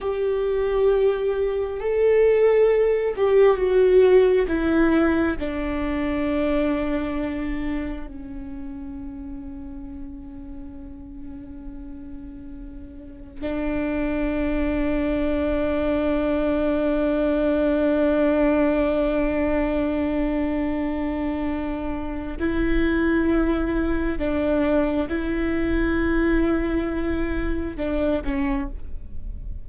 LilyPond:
\new Staff \with { instrumentName = "viola" } { \time 4/4 \tempo 4 = 67 g'2 a'4. g'8 | fis'4 e'4 d'2~ | d'4 cis'2.~ | cis'2. d'4~ |
d'1~ | d'1~ | d'4 e'2 d'4 | e'2. d'8 cis'8 | }